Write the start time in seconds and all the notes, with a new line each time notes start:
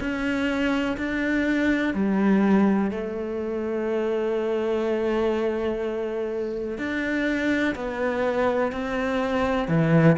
0.00 C#4
0.97 D4
1.94 G3
2.91 A3
6.78 D4
7.75 B3
8.72 C4
9.68 E3